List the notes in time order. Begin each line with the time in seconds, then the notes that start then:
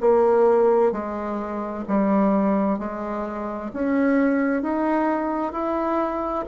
0.00 A#3
0.92 G#3
1.88 G3
2.79 G#3
3.73 C#4
4.62 D#4
5.52 E4